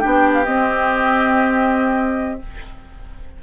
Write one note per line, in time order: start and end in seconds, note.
0.00 0.47 B3
0.00 0.45 D4
0.00 2.40 G4
0.00 0.33 G5
0.34 0.45 F5
0.45 2.42 C4
0.45 2.43 C4
0.45 2.41 D#5